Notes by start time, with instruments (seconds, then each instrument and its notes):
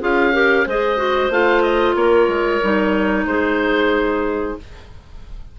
0.00 bassoon C#4, clarinet F4 G#4, oboe F5
0.33 clarinet G4 A#4
0.65 bassoon G#3, clarinet G#4 C5, oboe D#5
0.97 clarinet F#4
1.29 bassoon A3, clarinet F4, oboe F5
1.62 oboe D#5
1.94 bassoon A#3, clarinet A#4, oboe C#5
2.28 bassoon G#3
2.62 bassoon G3, clarinet D#4
3.25 bassoon G#3, clarinet G#4, oboe C5